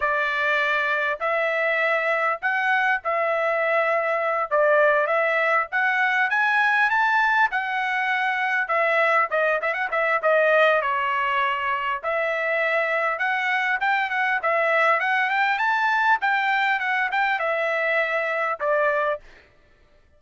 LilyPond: \new Staff \with { instrumentName = "trumpet" } { \time 4/4 \tempo 4 = 100 d''2 e''2 | fis''4 e''2~ e''8 d''8~ | d''8 e''4 fis''4 gis''4 a''8~ | a''8 fis''2 e''4 dis''8 |
e''16 fis''16 e''8 dis''4 cis''2 | e''2 fis''4 g''8 fis''8 | e''4 fis''8 g''8 a''4 g''4 | fis''8 g''8 e''2 d''4 | }